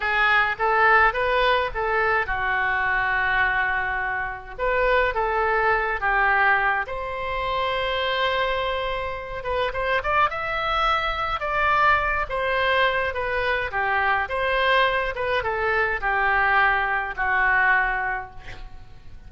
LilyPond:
\new Staff \with { instrumentName = "oboe" } { \time 4/4 \tempo 4 = 105 gis'4 a'4 b'4 a'4 | fis'1 | b'4 a'4. g'4. | c''1~ |
c''8 b'8 c''8 d''8 e''2 | d''4. c''4. b'4 | g'4 c''4. b'8 a'4 | g'2 fis'2 | }